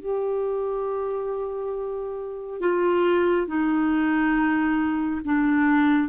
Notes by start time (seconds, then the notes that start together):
0.00 G4
2.60 F4
3.47 D#4
5.25 D4